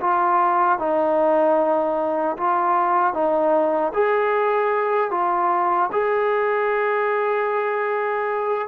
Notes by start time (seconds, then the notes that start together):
0.00 F4
0.79 D#4
2.37 F4
3.13 D#4
3.93 G#4
5.11 F4
5.92 G#4